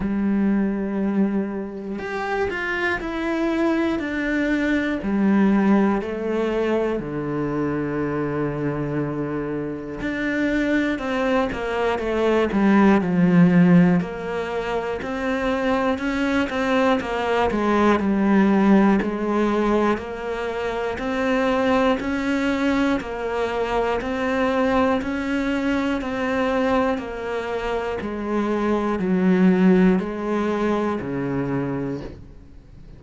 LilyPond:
\new Staff \with { instrumentName = "cello" } { \time 4/4 \tempo 4 = 60 g2 g'8 f'8 e'4 | d'4 g4 a4 d4~ | d2 d'4 c'8 ais8 | a8 g8 f4 ais4 c'4 |
cis'8 c'8 ais8 gis8 g4 gis4 | ais4 c'4 cis'4 ais4 | c'4 cis'4 c'4 ais4 | gis4 fis4 gis4 cis4 | }